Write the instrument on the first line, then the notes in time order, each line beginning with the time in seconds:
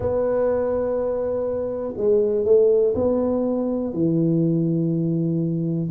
tuba
0.00 B3
1.96 G#3
2.45 A3
2.95 B3
3.93 E3